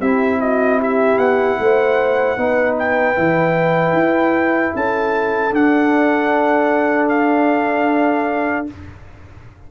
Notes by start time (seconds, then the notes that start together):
0.00 C4 E4 G4 E5
0.41 F#4 D#5
0.80 G4 E5
1.19 B3 F#5
1.60 A3 C5
2.37 B3 D#4 B4
2.79 G5
3.16 E3 E4
3.93 E4
4.75 C#4 A4 A5
5.52 D4 F#5
7.09 F5